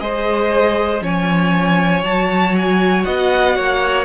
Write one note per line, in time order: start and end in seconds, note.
0.00 1.01 G#3
0.00 1.01 G#4
0.00 1.03 C5
0.00 1.02 D#5
1.01 2.03 F3
1.01 2.03 C#4
1.01 3.06 C#5
1.01 2.05 G#5
2.03 3.05 F#3
2.03 4.05 F#4
2.03 2.56 A5
2.57 3.04 G#5
3.04 3.56 B3
3.04 3.56 D#5
3.04 4.05 F#5
3.56 4.05 A#3
3.56 4.05 C#5